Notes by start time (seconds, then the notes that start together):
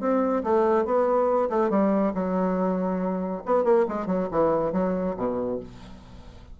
0.00 C4
0.43 A3
0.85 B3
1.49 A3
1.70 G3
2.14 F#3
3.46 B3
3.64 A#3
3.88 G#3
4.07 F#3
4.31 E3
4.72 F#3
5.17 B2